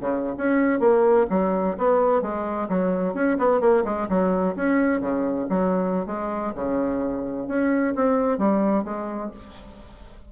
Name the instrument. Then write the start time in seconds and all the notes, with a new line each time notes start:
bassoon
0.00 C#3
0.37 C#4
0.79 A#3
1.30 F#3
1.77 B3
2.22 G#3
2.69 F#3
3.14 C#4
3.38 B3
3.60 A#3
3.84 G#3
4.09 F#3
4.56 C#4
5.00 C#3
5.49 F#3
6.06 G#3
6.55 C#3
7.48 C#4
7.95 C4
8.38 G3
8.84 G#3